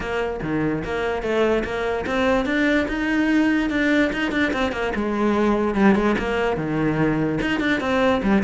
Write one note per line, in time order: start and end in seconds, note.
0.00 0.40 A#3
0.42 0.83 D#3
0.84 1.22 A#3
1.22 1.63 A3
1.64 2.05 A#3
2.06 2.45 C4
2.45 2.86 D4
2.88 3.70 D#4
3.70 4.11 D4
4.13 4.31 D#4
4.31 4.52 D4
4.53 4.72 C4
4.72 4.92 A#3
4.95 5.74 G#3
5.74 5.95 G3
5.95 6.15 G#3
6.18 6.57 A#3
6.57 7.39 D#3
7.41 7.60 D#4
7.60 7.80 D4
7.80 8.21 C4
8.22 8.43 G3